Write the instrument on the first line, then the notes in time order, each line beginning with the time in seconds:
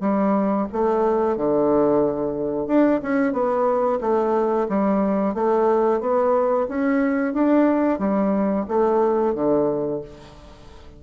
bassoon
0.00 G3
0.72 A3
1.37 D3
2.67 D4
3.02 C#4
3.32 B3
4.00 A3
4.68 G3
5.34 A3
6.00 B3
6.68 C#4
7.33 D4
7.99 G3
8.68 A3
9.34 D3